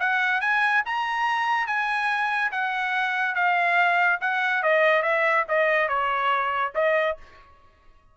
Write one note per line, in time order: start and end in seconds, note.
0.00 0.41 F#5
0.41 0.83 G#5
0.86 1.67 A#5
1.67 2.52 G#5
2.52 3.35 F#5
3.35 4.20 F5
4.21 4.63 F#5
4.63 5.03 D#5
5.03 5.45 E5
5.49 5.88 D#5
5.88 6.73 C#5
6.75 7.17 D#5